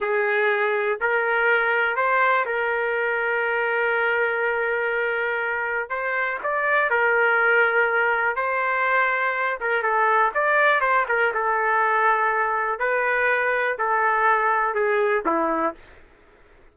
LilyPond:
\new Staff \with { instrumentName = "trumpet" } { \time 4/4 \tempo 4 = 122 gis'2 ais'2 | c''4 ais'2.~ | ais'1 | c''4 d''4 ais'2~ |
ais'4 c''2~ c''8 ais'8 | a'4 d''4 c''8 ais'8 a'4~ | a'2 b'2 | a'2 gis'4 e'4 | }